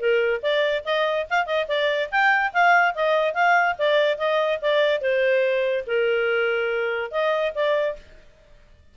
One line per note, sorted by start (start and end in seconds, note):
0.00 0.42 A#4
0.43 0.84 D5
0.85 1.27 D#5
1.30 1.47 F5
1.47 1.67 D#5
1.68 2.10 D5
2.12 2.53 G5
2.54 2.95 F5
2.95 3.35 D#5
3.35 3.76 F5
3.79 4.19 D5
4.19 4.60 D#5
4.62 5.02 D5
5.02 5.85 C5
5.87 7.12 A#4
7.12 7.53 D#5
7.55 7.97 D5